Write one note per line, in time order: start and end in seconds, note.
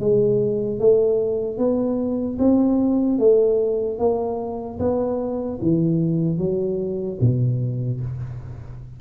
0.00 0.80 G#3
0.80 1.58 A3
1.58 2.38 B3
2.39 3.19 C4
3.19 3.99 A3
3.99 4.79 A#3
4.79 5.59 B3
5.62 6.38 E3
6.38 7.18 F#3
7.21 8.01 B2